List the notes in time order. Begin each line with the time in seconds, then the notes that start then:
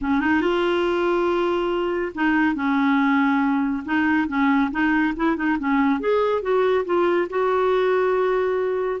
0.01 C#4
0.20 D#4
0.41 F4
2.14 D#4
2.55 C#4
3.85 D#4
4.27 C#4
4.71 D#4
5.16 E4
5.36 D#4
5.59 C#4
6.00 G#4
6.42 F#4
6.85 F4
7.29 F#4